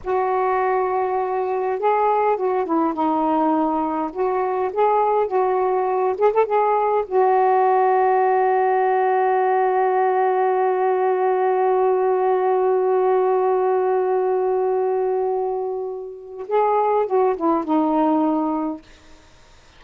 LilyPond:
\new Staff \with { instrumentName = "saxophone" } { \time 4/4 \tempo 4 = 102 fis'2. gis'4 | fis'8 e'8 dis'2 fis'4 | gis'4 fis'4. gis'16 a'16 gis'4 | fis'1~ |
fis'1~ | fis'1~ | fis'1 | gis'4 fis'8 e'8 dis'2 | }